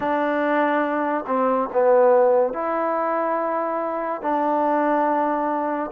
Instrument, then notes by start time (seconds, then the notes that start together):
trombone
0.00 D4
1.26 C4
1.73 B3
2.53 E4
4.21 D4